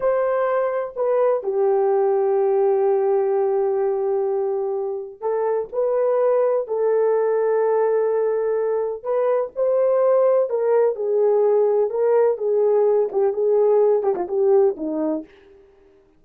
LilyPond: \new Staff \with { instrumentName = "horn" } { \time 4/4 \tempo 4 = 126 c''2 b'4 g'4~ | g'1~ | g'2. a'4 | b'2 a'2~ |
a'2. b'4 | c''2 ais'4 gis'4~ | gis'4 ais'4 gis'4. g'8 | gis'4. g'16 f'16 g'4 dis'4 | }